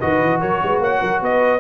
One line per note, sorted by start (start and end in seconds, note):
0.00 0.22 D#3
0.00 1.60 F#4
0.00 0.41 B4
0.00 0.41 D#5
0.22 0.42 E3
0.41 0.62 F#3
0.41 0.61 A#4
0.41 0.82 C#5
0.63 0.80 G#3
0.63 0.82 B4
0.80 1.00 A#3
0.80 1.01 C#5
0.80 1.24 F#5
1.01 1.22 F#3
1.01 1.21 A#4
1.22 1.60 B3
1.22 1.60 B4
1.22 1.60 D#5